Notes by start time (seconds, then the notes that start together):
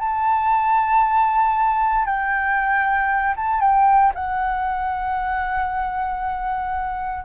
0.00 A5
2.06 G5
3.37 A5
3.61 G5
4.15 F#5